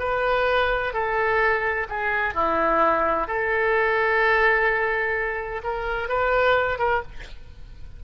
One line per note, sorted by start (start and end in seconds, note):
0.00 0.94 B4
0.94 1.87 A4
1.89 2.35 G#4
2.35 3.28 E4
3.28 5.62 A4
5.64 6.09 A#4
6.09 6.79 B4
6.79 7.02 A#4